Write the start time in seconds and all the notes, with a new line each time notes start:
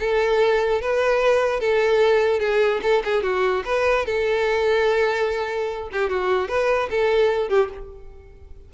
0.00 A4
0.81 B4
1.60 A4
2.40 G#4
2.83 A4
3.05 G#4
3.23 F#4
3.65 B4
4.06 A4
5.93 G4
6.10 F#4
6.49 B4
6.91 A4
7.49 G4